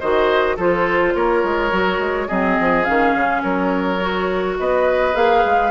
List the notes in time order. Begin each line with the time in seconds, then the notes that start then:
0.00 D#3 F#4 C5 D#5
0.57 F3 F4 A4 C5
1.15 A#3 A#4 C#5
1.44 G#3
1.72 F#3 F#4
1.99 G#3
2.28 F#3 C4 G#4 D#5
2.60 F3
2.85 D#3 C#4 F5
3.15 C#3
3.43 F#3 A#4 C#5
4.01 F#4
4.60 B3 B4 D#5
5.14 A#3 G#4 F5
5.46 G#3